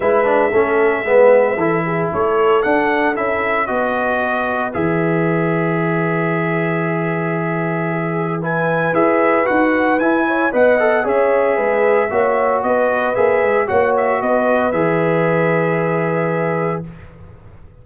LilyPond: <<
  \new Staff \with { instrumentName = "trumpet" } { \time 4/4 \tempo 4 = 114 e''1 | cis''4 fis''4 e''4 dis''4~ | dis''4 e''2.~ | e''1 |
gis''4 e''4 fis''4 gis''4 | fis''4 e''2. | dis''4 e''4 fis''8 e''8 dis''4 | e''1 | }
  \new Staff \with { instrumentName = "horn" } { \time 4/4 b'4 a'4 b'4 a'8 gis'8 | a'2. b'4~ | b'1~ | b'2. gis'4 |
b'2.~ b'8 cis''8 | dis''4 cis''4 b'4 cis''4 | b'2 cis''4 b'4~ | b'1 | }
  \new Staff \with { instrumentName = "trombone" } { \time 4/4 e'8 d'8 cis'4 b4 e'4~ | e'4 d'4 e'4 fis'4~ | fis'4 gis'2.~ | gis'1 |
e'4 gis'4 fis'4 e'4 | b'8 a'8 gis'2 fis'4~ | fis'4 gis'4 fis'2 | gis'1 | }
  \new Staff \with { instrumentName = "tuba" } { \time 4/4 gis4 a4 gis4 e4 | a4 d'4 cis'4 b4~ | b4 e2.~ | e1~ |
e4 e'4 dis'4 e'4 | b4 cis'4 gis4 ais4 | b4 ais8 gis8 ais4 b4 | e1 | }
>>